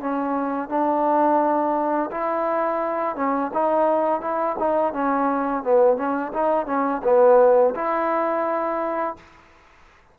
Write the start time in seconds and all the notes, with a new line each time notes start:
0.00 C#4
0.69 D4
2.11 E4
3.16 C#4
3.53 D#4
4.21 E4
4.59 D#4
4.93 C#4
5.63 B3
5.97 C#4
6.33 D#4
6.66 C#4
7.03 B3
7.75 E4